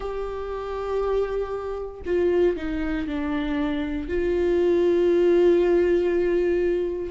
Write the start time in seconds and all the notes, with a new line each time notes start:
0.00 G4
2.05 F4
2.56 D#4
3.07 D4
4.08 F4